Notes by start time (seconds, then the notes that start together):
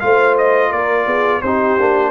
0.00 A3 F4 C5 F5
0.37 D#5
0.70 A#3 A#4 D5
1.06 B3 G#4
1.42 C4 D#4 G4 C5
1.79 A#3 D4